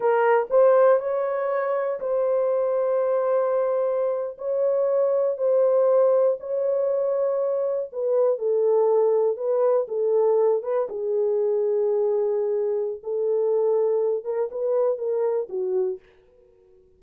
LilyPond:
\new Staff \with { instrumentName = "horn" } { \time 4/4 \tempo 4 = 120 ais'4 c''4 cis''2 | c''1~ | c''8. cis''2 c''4~ c''16~ | c''8. cis''2. b'16~ |
b'8. a'2 b'4 a'16~ | a'4~ a'16 b'8 gis'2~ gis'16~ | gis'2 a'2~ | a'8 ais'8 b'4 ais'4 fis'4 | }